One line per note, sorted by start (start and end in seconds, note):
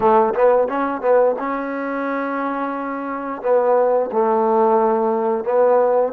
0.00 0.34 A3
0.34 0.68 B3
0.68 1.01 C#4
1.01 1.35 B3
1.38 3.42 C#4
3.42 4.10 B3
4.12 5.44 A3
5.44 6.12 B3